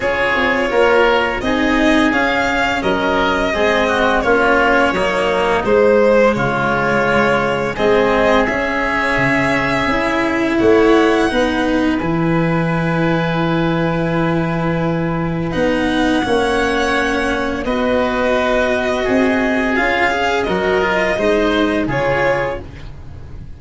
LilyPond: <<
  \new Staff \with { instrumentName = "violin" } { \time 4/4 \tempo 4 = 85 cis''2 dis''4 f''4 | dis''2 cis''2 | c''4 cis''2 dis''4 | e''2. fis''4~ |
fis''4 gis''2.~ | gis''2 fis''2~ | fis''4 dis''2. | f''4 dis''2 cis''4 | }
  \new Staff \with { instrumentName = "oboe" } { \time 4/4 gis'4 ais'4 gis'2 | ais'4 gis'8 fis'8 f'4 dis'4~ | dis'4 f'2 gis'4~ | gis'2. cis''4 |
b'1~ | b'2. cis''4~ | cis''4 b'2 gis'4~ | gis'4 ais'4 c''4 gis'4 | }
  \new Staff \with { instrumentName = "cello" } { \time 4/4 f'2 dis'4 cis'4~ | cis'4 c'4 cis'4 ais4 | gis2. c'4 | cis'2 e'2 |
dis'4 e'2.~ | e'2 dis'4 cis'4~ | cis'4 fis'2. | f'8 gis'8 fis'8 f'8 dis'4 f'4 | }
  \new Staff \with { instrumentName = "tuba" } { \time 4/4 cis'8 c'8 ais4 c'4 cis'4 | fis4 gis4 ais4 fis4 | gis4 cis2 gis4 | cis'4 cis4 cis'4 a4 |
b4 e2.~ | e2 b4 ais4~ | ais4 b2 c'4 | cis'4 fis4 gis4 cis4 | }
>>